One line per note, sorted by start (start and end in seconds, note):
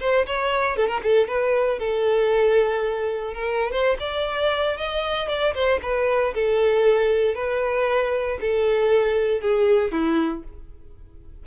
0.00 0.26 C5
0.26 0.76 C#5
0.76 0.87 A4
0.87 1.00 A#4
1.03 1.28 A4
1.28 1.79 B4
1.79 3.34 A4
3.34 3.71 A#4
3.71 3.97 C5
3.99 4.77 D5
4.77 5.28 D#5
5.28 5.54 D5
5.54 5.80 C5
5.82 6.34 B4
6.34 7.35 A4
7.35 8.38 B4
8.41 9.41 A4
9.41 9.91 G#4
9.91 10.43 E4